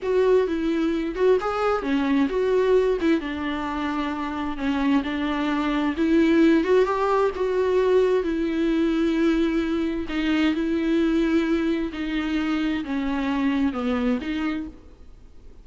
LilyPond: \new Staff \with { instrumentName = "viola" } { \time 4/4 \tempo 4 = 131 fis'4 e'4. fis'8 gis'4 | cis'4 fis'4. e'8 d'4~ | d'2 cis'4 d'4~ | d'4 e'4. fis'8 g'4 |
fis'2 e'2~ | e'2 dis'4 e'4~ | e'2 dis'2 | cis'2 b4 dis'4 | }